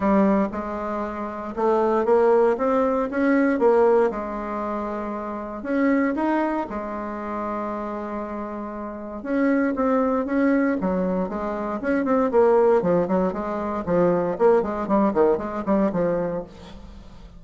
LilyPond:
\new Staff \with { instrumentName = "bassoon" } { \time 4/4 \tempo 4 = 117 g4 gis2 a4 | ais4 c'4 cis'4 ais4 | gis2. cis'4 | dis'4 gis2.~ |
gis2 cis'4 c'4 | cis'4 fis4 gis4 cis'8 c'8 | ais4 f8 fis8 gis4 f4 | ais8 gis8 g8 dis8 gis8 g8 f4 | }